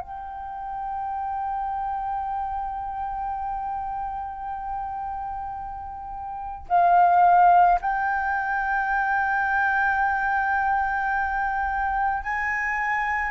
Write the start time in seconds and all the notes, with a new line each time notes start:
0.00 G5
6.68 F5
7.81 G5
12.23 G#5